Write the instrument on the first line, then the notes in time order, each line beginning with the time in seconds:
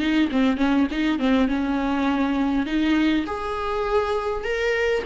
viola
0.00 D#4
0.32 C4
0.58 C#4
0.92 D#4
1.20 C4
1.49 C#4
2.66 D#4
3.27 G#4
4.44 A#4